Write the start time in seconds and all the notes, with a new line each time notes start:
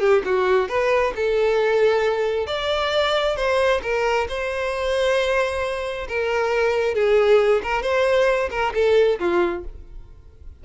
0.00 G4
0.25 F#4
0.69 B4
1.16 A4
2.47 D5
3.36 C5
3.83 A#4
4.28 C5
6.08 A#4
6.95 G#4
7.63 A#4
7.82 C5
8.51 A#4
8.74 A4
9.20 F4